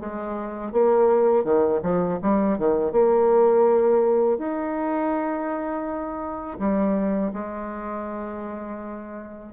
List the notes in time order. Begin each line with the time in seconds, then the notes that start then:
0.00 G#3
0.73 A#3
1.45 D#3
1.83 F3
2.23 G3
2.58 D#3
2.92 A#3
4.39 D#4
6.59 G3
7.34 G#3